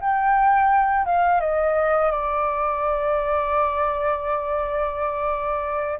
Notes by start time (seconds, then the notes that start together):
0.00 G5
1.05 F5
1.40 D#5
2.11 D5